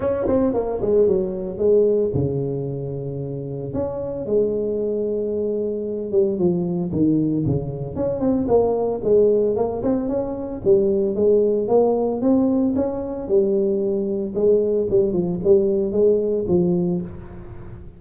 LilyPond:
\new Staff \with { instrumentName = "tuba" } { \time 4/4 \tempo 4 = 113 cis'8 c'8 ais8 gis8 fis4 gis4 | cis2. cis'4 | gis2.~ gis8 g8 | f4 dis4 cis4 cis'8 c'8 |
ais4 gis4 ais8 c'8 cis'4 | g4 gis4 ais4 c'4 | cis'4 g2 gis4 | g8 f8 g4 gis4 f4 | }